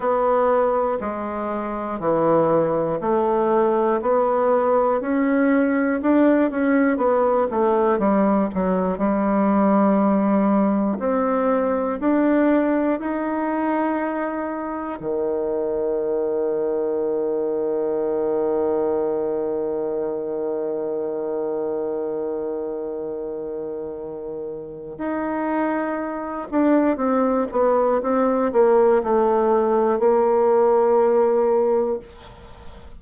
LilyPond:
\new Staff \with { instrumentName = "bassoon" } { \time 4/4 \tempo 4 = 60 b4 gis4 e4 a4 | b4 cis'4 d'8 cis'8 b8 a8 | g8 fis8 g2 c'4 | d'4 dis'2 dis4~ |
dis1~ | dis1~ | dis4 dis'4. d'8 c'8 b8 | c'8 ais8 a4 ais2 | }